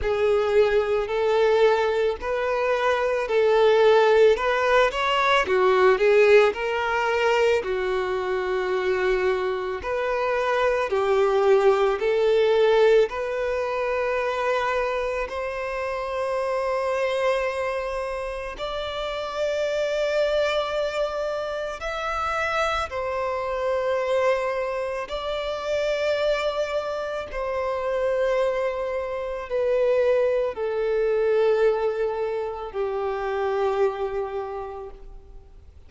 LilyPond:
\new Staff \with { instrumentName = "violin" } { \time 4/4 \tempo 4 = 55 gis'4 a'4 b'4 a'4 | b'8 cis''8 fis'8 gis'8 ais'4 fis'4~ | fis'4 b'4 g'4 a'4 | b'2 c''2~ |
c''4 d''2. | e''4 c''2 d''4~ | d''4 c''2 b'4 | a'2 g'2 | }